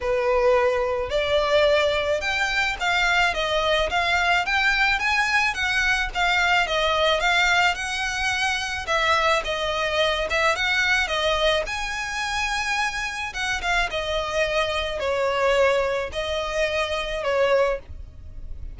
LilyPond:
\new Staff \with { instrumentName = "violin" } { \time 4/4 \tempo 4 = 108 b'2 d''2 | g''4 f''4 dis''4 f''4 | g''4 gis''4 fis''4 f''4 | dis''4 f''4 fis''2 |
e''4 dis''4. e''8 fis''4 | dis''4 gis''2. | fis''8 f''8 dis''2 cis''4~ | cis''4 dis''2 cis''4 | }